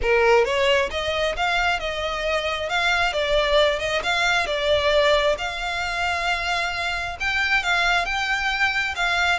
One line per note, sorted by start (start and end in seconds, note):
0.02 0.44 A#4
0.44 0.89 C#5
0.91 1.35 D#5
1.36 1.79 F5
1.79 2.69 D#5
2.69 3.13 F5
3.13 3.79 D5
3.79 4.01 D#5
4.03 4.46 F5
4.46 5.36 D5
5.38 7.17 F5
7.19 7.63 G5
7.63 8.05 F5
8.05 8.94 G5
8.95 9.39 F5